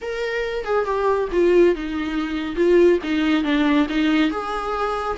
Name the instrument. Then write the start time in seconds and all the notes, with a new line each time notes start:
viola
0.01 A#4
0.64 G#4
0.85 G4
1.32 F4
1.75 D#4
2.55 F4
3.03 D#4
3.43 D4
3.89 D#4
4.30 G#4